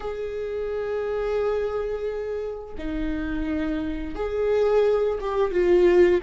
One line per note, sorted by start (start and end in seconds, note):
0.00 2.74 G#4
2.78 4.15 D#4
4.15 5.18 G#4
5.20 5.51 G4
5.51 6.20 F4